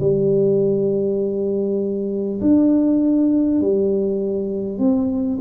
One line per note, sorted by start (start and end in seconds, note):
0.00 2.40 G3
2.41 3.61 D4
3.61 4.78 G3
4.78 5.38 C4